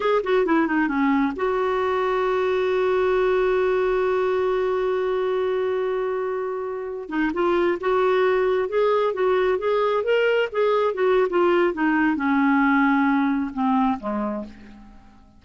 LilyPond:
\new Staff \with { instrumentName = "clarinet" } { \time 4/4 \tempo 4 = 133 gis'8 fis'8 e'8 dis'8 cis'4 fis'4~ | fis'1~ | fis'1~ | fis'2.~ fis'8. dis'16~ |
dis'16 f'4 fis'2 gis'8.~ | gis'16 fis'4 gis'4 ais'4 gis'8.~ | gis'16 fis'8. f'4 dis'4 cis'4~ | cis'2 c'4 gis4 | }